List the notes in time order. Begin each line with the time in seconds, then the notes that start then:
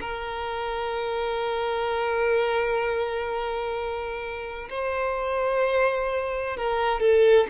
0.00 A#4
4.70 C5
6.57 A#4
7.00 A4